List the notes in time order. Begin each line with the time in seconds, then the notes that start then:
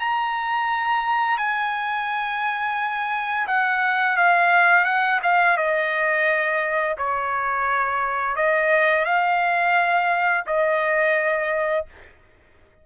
0.00 A#5
1.38 G#5
3.48 F#5
4.17 F5
4.86 F#5
5.23 F5
5.58 D#5
6.98 C#5
8.37 D#5
9.05 F5
10.47 D#5